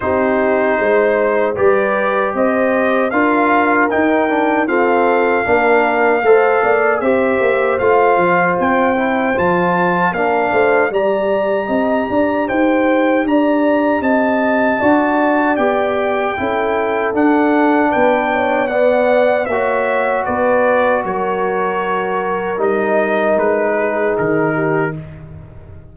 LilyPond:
<<
  \new Staff \with { instrumentName = "trumpet" } { \time 4/4 \tempo 4 = 77 c''2 d''4 dis''4 | f''4 g''4 f''2~ | f''4 e''4 f''4 g''4 | a''4 f''4 ais''2 |
g''4 ais''4 a''2 | g''2 fis''4 g''4 | fis''4 e''4 d''4 cis''4~ | cis''4 dis''4 b'4 ais'4 | }
  \new Staff \with { instrumentName = "horn" } { \time 4/4 g'4 c''4 b'4 c''4 | ais'2 a'4 ais'4 | c''8 d''8 c''2.~ | c''4 ais'8 c''8 d''4 dis''8 d''8 |
c''4 d''4 dis''4 d''4~ | d''4 a'2 b'8 cis''8 | d''4 cis''4 b'4 ais'4~ | ais'2~ ais'8 gis'4 g'8 | }
  \new Staff \with { instrumentName = "trombone" } { \time 4/4 dis'2 g'2 | f'4 dis'8 d'8 c'4 d'4 | a'4 g'4 f'4. e'8 | f'4 d'4 g'2~ |
g'2. fis'4 | g'4 e'4 d'2 | b4 fis'2.~ | fis'4 dis'2. | }
  \new Staff \with { instrumentName = "tuba" } { \time 4/4 c'4 gis4 g4 c'4 | d'4 dis'4 f'4 ais4 | a8 ais8 c'8 ais8 a8 f8 c'4 | f4 ais8 a8 g4 c'8 d'8 |
dis'4 d'4 c'4 d'4 | b4 cis'4 d'4 b4~ | b4 ais4 b4 fis4~ | fis4 g4 gis4 dis4 | }
>>